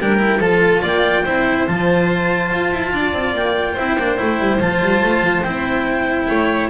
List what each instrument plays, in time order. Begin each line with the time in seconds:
0.00 double bass G3, cello D4, violin A#4, clarinet G5
0.19 cello E4
0.40 double bass F3, cello F4, violin A4, clarinet A5
0.82 double bass A#3, violin D5, clarinet G5
1.24 double bass C4, cello E4, violin C5
1.67 double bass F3, cello F4, clarinet A5
2.52 double bass F4
2.73 double bass E4
2.93 double bass D4, violin D5
3.13 double bass C4
3.34 double bass A#3, clarinet G5
3.73 double bass C4, cello E4, violin C5
3.97 double bass A#3, cello D4
4.17 double bass A3, cello E4
4.39 double bass G3
4.60 double bass F3, cello F4, clarinet A5
4.82 double bass G3
5.03 double bass A3
5.21 double bass F3
5.43 double bass C4, cello E4, clarinet G5
6.28 double bass A3, violin C#5